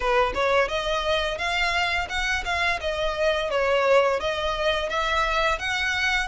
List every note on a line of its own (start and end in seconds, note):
0.00 0.33 B4
0.34 0.68 C#5
0.68 1.38 D#5
1.38 2.07 F5
2.09 2.44 F#5
2.45 2.79 F5
2.80 3.50 D#5
3.50 4.20 C#5
4.20 4.89 D#5
4.89 5.58 E5
5.58 6.28 F#5